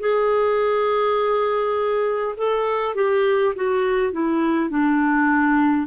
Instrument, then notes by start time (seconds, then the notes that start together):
clarinet
0.00 G#4
2.37 A4
2.95 G4
3.56 F#4
4.12 E4
4.70 D4